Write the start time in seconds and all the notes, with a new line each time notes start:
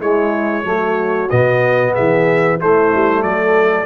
0.00 G#3 E4 C#5
0.64 F#3 A3 F#4
1.30 B2 B3 D#5
1.93 E3 G#4 E5
2.60 A3 E4 C5
2.94 G3
3.22 F#3 A4 D5